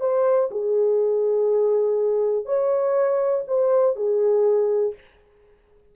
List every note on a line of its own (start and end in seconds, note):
0.00 0.49 C5
0.51 2.45 G#4
2.45 3.43 C#5
3.47 3.96 C5
3.96 4.94 G#4